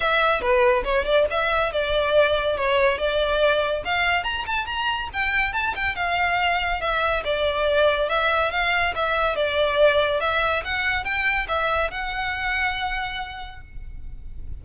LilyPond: \new Staff \with { instrumentName = "violin" } { \time 4/4 \tempo 4 = 141 e''4 b'4 cis''8 d''8 e''4 | d''2 cis''4 d''4~ | d''4 f''4 ais''8 a''8 ais''4 | g''4 a''8 g''8 f''2 |
e''4 d''2 e''4 | f''4 e''4 d''2 | e''4 fis''4 g''4 e''4 | fis''1 | }